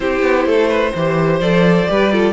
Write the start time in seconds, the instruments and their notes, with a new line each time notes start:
0.00 cello C4, viola E4, violin G4 C5
0.22 cello B3
0.45 cello A3, violin A4
0.68 violin B4
0.95 cello E3, viola G4, violin C5
1.40 cello F3, viola A4, violin D5
1.87 cello G3, viola G4, violin B4
2.12 viola F4, violin A4